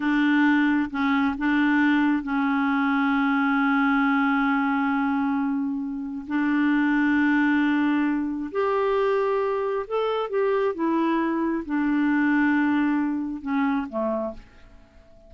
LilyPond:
\new Staff \with { instrumentName = "clarinet" } { \time 4/4 \tempo 4 = 134 d'2 cis'4 d'4~ | d'4 cis'2.~ | cis'1~ | cis'2 d'2~ |
d'2. g'4~ | g'2 a'4 g'4 | e'2 d'2~ | d'2 cis'4 a4 | }